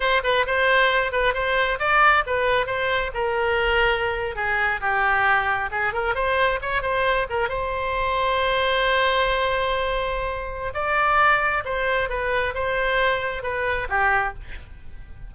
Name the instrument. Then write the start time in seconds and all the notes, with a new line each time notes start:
oboe
0.00 C5
0.23 B4
0.46 C5
1.12 B4
1.34 C5
1.79 D5
2.26 B4
2.66 C5
3.13 A#4
4.35 G#4
4.80 G4
5.71 G#4
5.93 A#4
6.14 C5
6.61 C#5
6.82 C5
7.29 A#4
7.48 C5
10.73 D5
11.64 C5
12.09 B4
12.54 C5
13.42 B4
13.89 G4